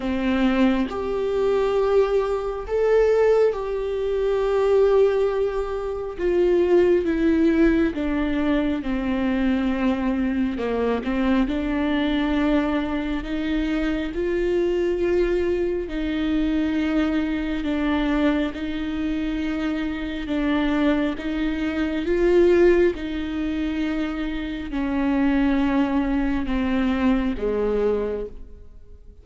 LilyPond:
\new Staff \with { instrumentName = "viola" } { \time 4/4 \tempo 4 = 68 c'4 g'2 a'4 | g'2. f'4 | e'4 d'4 c'2 | ais8 c'8 d'2 dis'4 |
f'2 dis'2 | d'4 dis'2 d'4 | dis'4 f'4 dis'2 | cis'2 c'4 gis4 | }